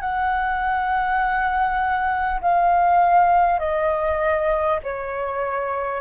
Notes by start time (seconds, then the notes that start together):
0.00 F#5
2.41 F5
3.59 D#5
4.83 C#5